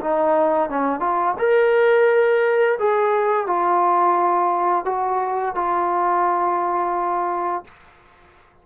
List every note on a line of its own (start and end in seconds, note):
0.00 0.69 D#4
0.69 0.99 C#4
0.99 1.34 F4
1.38 2.78 A#4
2.78 3.46 G#4
3.46 4.85 F4
4.85 5.54 F#4
5.55 7.64 F4